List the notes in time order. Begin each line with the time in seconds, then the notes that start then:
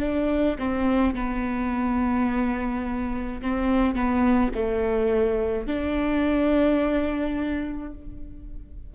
0.00 D4
0.59 C4
1.15 B3
3.42 C4
3.96 B3
4.55 A3
5.68 D4